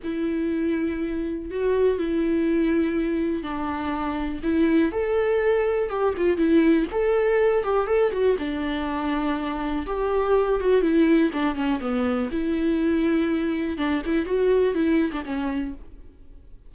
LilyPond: \new Staff \with { instrumentName = "viola" } { \time 4/4 \tempo 4 = 122 e'2. fis'4 | e'2. d'4~ | d'4 e'4 a'2 | g'8 f'8 e'4 a'4. g'8 |
a'8 fis'8 d'2. | g'4. fis'8 e'4 d'8 cis'8 | b4 e'2. | d'8 e'8 fis'4 e'8. d'16 cis'4 | }